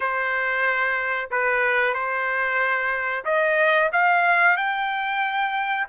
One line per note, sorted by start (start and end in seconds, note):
0.00 1.29 C5
1.30 1.94 B4
1.94 3.24 C5
3.25 3.90 D#5
3.92 4.57 F5
4.57 5.87 G5